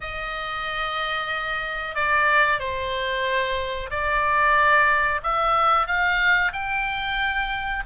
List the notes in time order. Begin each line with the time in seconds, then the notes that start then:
0.00 D#5
1.95 D5
2.59 C5
3.90 D5
5.23 E5
5.86 F5
6.52 G5